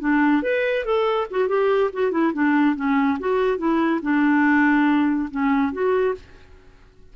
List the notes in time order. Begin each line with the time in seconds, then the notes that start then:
0.00 D4
0.42 B4
0.85 A4
1.30 F#4
1.48 G4
1.93 F#4
2.11 E4
2.33 D4
2.75 C#4
3.19 F#4
3.58 E4
4.02 D4
5.30 C#4
5.72 F#4